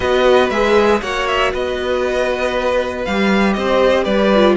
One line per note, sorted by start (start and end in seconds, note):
0.00 0.50 B3
0.00 0.50 F#4
0.00 1.00 B4
0.00 0.50 D#5
0.50 1.01 G#3
0.50 1.02 G#4
0.50 1.01 E5
1.01 1.53 A#3
1.01 3.05 F#4
1.01 1.52 C#5
1.01 1.27 F#5
1.27 1.52 E5
1.52 3.06 B3
1.52 3.56 B4
1.52 3.04 D#5
3.04 3.56 G3
3.04 4.34 G4
3.04 3.53 F5
3.53 4.06 C4
3.53 4.04 C5
3.53 4.03 D#5
4.04 4.56 G3
4.04 4.55 B4
4.04 4.55 D5
4.34 4.56 F4